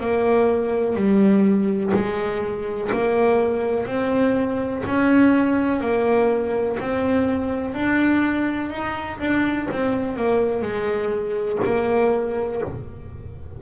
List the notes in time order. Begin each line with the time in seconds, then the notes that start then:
0.00 A#3
0.95 G3
1.94 G#3
2.92 A#3
3.86 C4
4.86 C#4
5.81 A#3
6.80 C4
7.74 D4
8.70 D#4
9.19 D4
9.71 C4
10.16 A#3
10.62 G#3
11.65 A#3